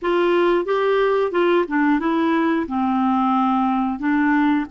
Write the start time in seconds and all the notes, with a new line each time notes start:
0.02 F4
0.65 G4
1.32 F4
1.68 D4
1.99 E4
2.67 C4
3.98 D4